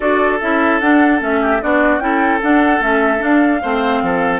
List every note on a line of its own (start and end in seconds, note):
0.00 0.41 D4
0.00 0.39 F#4
0.00 1.41 A4
0.00 0.39 D5
0.40 0.81 C#4
0.40 0.82 E4
0.40 0.80 E5
0.80 1.21 D4
0.80 1.20 D4
0.80 1.20 F#5
1.20 1.61 A3
1.20 1.60 C#4
1.20 1.62 E5
1.41 1.61 G4
1.60 1.98 B3
1.60 2.00 D4
1.60 2.03 F#4
1.60 1.99 D5
1.98 2.39 C#4
1.98 2.40 E4
1.98 3.62 A4
1.98 2.40 G5
2.41 2.81 D4
2.41 2.80 D4
2.41 2.82 F#5
2.80 3.20 A3
2.80 3.18 C#4
2.80 3.22 E5
3.18 3.58 D4
3.18 3.62 D4
3.18 4.40 F5
3.62 4.02 A3
3.62 4.40 C4
3.62 4.02 C5
4.02 4.40 F3
4.02 4.40 A4